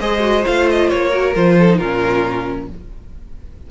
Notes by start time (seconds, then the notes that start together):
0.00 G#3 G#4 C5 D#5
0.20 F#4
0.45 A3 F4 F5
0.70 D#5
0.89 A#3 C#5
1.10 F#4 A#4
1.35 F3 F4 C5
1.59 A4
1.69 D#4
1.78 A#2 C#4 F4 A#4